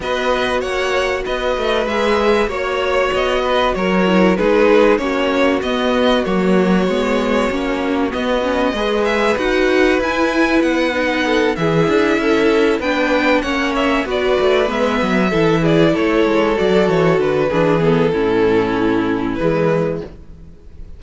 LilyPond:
<<
  \new Staff \with { instrumentName = "violin" } { \time 4/4 \tempo 4 = 96 dis''4 fis''4 dis''4 e''4 | cis''4 dis''4 cis''4 b'4 | cis''4 dis''4 cis''2~ | cis''4 dis''4. e''8 fis''4 |
gis''4 fis''4. e''4.~ | e''8 g''4 fis''8 e''8 d''4 e''8~ | e''4 d''8 cis''4 d''8 cis''8 b'8~ | b'8 a'2~ a'8 b'4 | }
  \new Staff \with { instrumentName = "violin" } { \time 4/4 b'4 cis''4 b'2 | cis''4. b'8 ais'4 gis'4 | fis'1~ | fis'2 b'2~ |
b'2 a'8 gis'4 a'8~ | a'8 b'4 cis''4 b'4.~ | b'8 a'8 gis'8 a'2~ a'8 | gis'4 e'2. | }
  \new Staff \with { instrumentName = "viola" } { \time 4/4 fis'2. gis'4 | fis'2~ fis'8 e'8 dis'4 | cis'4 b4 ais4 b4 | cis'4 b8 cis'8 gis'4 fis'4 |
e'4. dis'4 e'4.~ | e'8 d'4 cis'4 fis'4 b8~ | b8 e'2 fis'4. | d'8 b8 cis'2 gis4 | }
  \new Staff \with { instrumentName = "cello" } { \time 4/4 b4 ais4 b8 a8 gis4 | ais4 b4 fis4 gis4 | ais4 b4 fis4 gis4 | ais4 b4 gis4 dis'4 |
e'4 b4. e8 d'8 cis'8~ | cis'8 b4 ais4 b8 a8 gis8 | fis8 e4 a8 gis8 fis8 e8 d8 | e4 a,2 e4 | }
>>